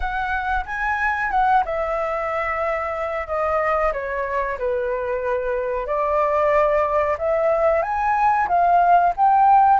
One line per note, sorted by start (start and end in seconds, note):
0.00 0.64 F#5
0.65 1.30 G#5
1.30 1.63 F#5
1.65 3.27 E5
3.27 3.92 D#5
3.92 4.58 C#5
4.58 5.86 B4
5.86 7.17 D5
7.18 7.82 E5
7.82 8.47 G#5
8.48 9.13 F5
9.16 9.80 G5